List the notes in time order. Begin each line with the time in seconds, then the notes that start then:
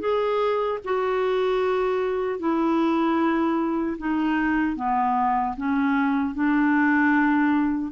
0.00 G#4
0.84 F#4
2.39 E4
3.98 D#4
4.76 B3
5.57 C#4
6.34 D4